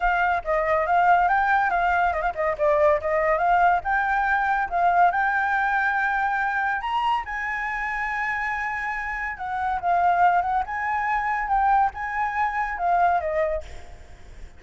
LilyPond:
\new Staff \with { instrumentName = "flute" } { \time 4/4 \tempo 4 = 141 f''4 dis''4 f''4 g''4 | f''4 dis''16 f''16 dis''8 d''4 dis''4 | f''4 g''2 f''4 | g''1 |
ais''4 gis''2.~ | gis''2 fis''4 f''4~ | f''8 fis''8 gis''2 g''4 | gis''2 f''4 dis''4 | }